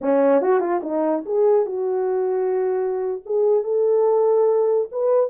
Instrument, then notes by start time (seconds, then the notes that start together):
horn
0.01 C#4
0.41 F#4
0.60 F4
0.82 D#4
1.25 G#4
1.66 F#4
3.25 G#4
3.63 A4
4.91 B4